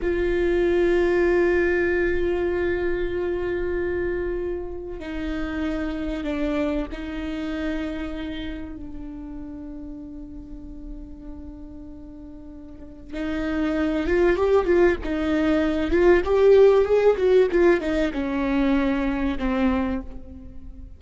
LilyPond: \new Staff \with { instrumentName = "viola" } { \time 4/4 \tempo 4 = 96 f'1~ | f'1 | dis'2 d'4 dis'4~ | dis'2 d'2~ |
d'1~ | d'4 dis'4. f'8 g'8 f'8 | dis'4. f'8 g'4 gis'8 fis'8 | f'8 dis'8 cis'2 c'4 | }